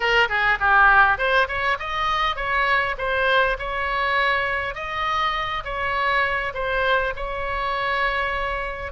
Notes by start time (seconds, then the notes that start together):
0.00 A#4
0.28 G#4
0.59 G4
1.17 C5
1.47 C#5
1.79 D#5
2.36 C#5
2.98 C5
3.58 C#5
4.74 D#5
5.64 C#5
6.54 C5
7.16 C#5